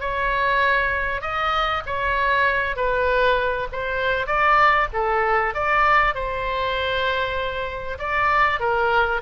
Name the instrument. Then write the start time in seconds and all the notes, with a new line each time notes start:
oboe
0.00 C#5
1.21 D#5
1.86 C#5
2.76 B4
3.72 C5
4.26 D5
4.93 A4
5.54 D5
6.14 C5
7.98 D5
8.60 A#4